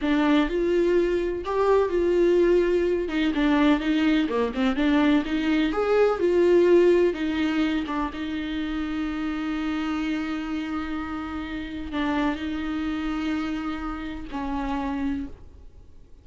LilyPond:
\new Staff \with { instrumentName = "viola" } { \time 4/4 \tempo 4 = 126 d'4 f'2 g'4 | f'2~ f'8 dis'8 d'4 | dis'4 ais8 c'8 d'4 dis'4 | gis'4 f'2 dis'4~ |
dis'8 d'8 dis'2.~ | dis'1~ | dis'4 d'4 dis'2~ | dis'2 cis'2 | }